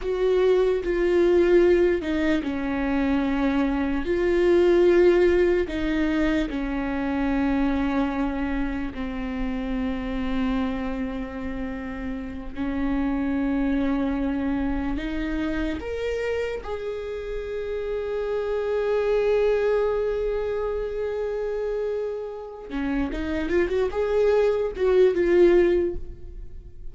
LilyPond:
\new Staff \with { instrumentName = "viola" } { \time 4/4 \tempo 4 = 74 fis'4 f'4. dis'8 cis'4~ | cis'4 f'2 dis'4 | cis'2. c'4~ | c'2.~ c'8 cis'8~ |
cis'2~ cis'8 dis'4 ais'8~ | ais'8 gis'2.~ gis'8~ | gis'1 | cis'8 dis'8 f'16 fis'16 gis'4 fis'8 f'4 | }